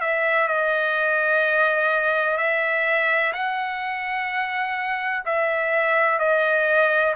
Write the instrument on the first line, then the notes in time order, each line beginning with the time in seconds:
trumpet
0.00 E5
0.48 D#5
2.37 E5
3.32 F#5
5.25 E5
6.19 D#5